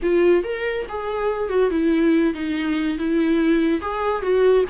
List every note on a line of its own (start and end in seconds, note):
0.02 0.43 F4
0.43 0.86 A#4
0.88 1.49 G#4
1.49 1.70 F#4
1.70 2.34 E4
2.34 2.97 D#4
2.98 3.81 E4
3.81 4.21 G#4
4.21 4.64 F#4